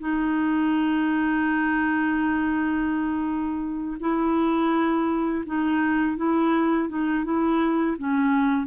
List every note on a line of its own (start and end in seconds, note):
0.00 3.98 D#4
4.00 5.44 E4
5.46 6.17 D#4
6.17 6.89 E4
6.89 7.25 D#4
7.25 7.97 E4
7.98 8.66 C#4